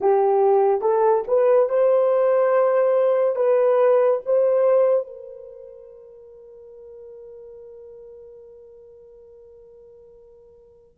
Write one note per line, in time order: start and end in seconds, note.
0.00 0.81 G4
0.81 1.23 A4
1.27 1.69 B4
1.69 3.35 C5
3.35 4.20 B4
4.25 5.06 C5
5.06 10.97 A#4